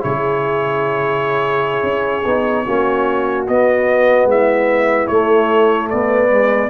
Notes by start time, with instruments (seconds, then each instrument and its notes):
0.00 tuba C#3, trombone E4, horn G#4, trumpet C#5
1.83 tuba C#4
2.25 tuba B3, trombone D#4
2.66 tuba A#3, trombone C#4, horn F#4
3.47 tuba B3, trombone B3, trumpet D#5
4.25 tuba G#3, horn E4, trumpet E5
5.07 trombone A3, tuba A3, trumpet C#5
5.90 tuba B3, horn B4, trumpet D5
6.29 trombone G#3